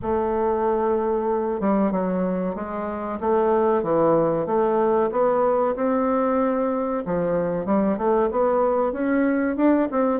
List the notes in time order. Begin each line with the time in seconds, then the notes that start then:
0.01 A3
1.60 G3
1.91 F#3
2.55 G#3
3.20 A3
3.83 E3
4.46 A3
5.11 B3
5.75 C4
7.05 F3
7.65 G3
7.97 A3
8.31 B3
8.92 C#4
9.56 D4
9.91 C4